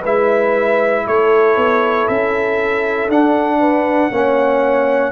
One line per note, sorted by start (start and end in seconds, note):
0.00 1.06 G#3
0.00 3.10 E4
0.00 1.02 B4
0.00 1.07 E5
1.07 1.56 A3
1.07 3.59 A4
1.07 2.07 C#5
1.56 2.07 B3
2.07 3.07 C#4
2.07 3.09 E5
3.07 4.09 D4
3.07 4.11 D4
3.07 5.11 F#5
3.59 4.10 B4
4.10 5.11 A#3
4.10 5.11 C#4
4.10 5.11 C#5